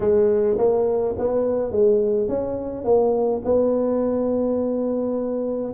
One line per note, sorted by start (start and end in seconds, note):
0.00 0.57 G#3
0.58 1.15 A#3
1.18 1.71 B3
1.71 2.28 G#3
2.28 2.84 C#4
2.84 3.41 A#3
3.44 5.73 B3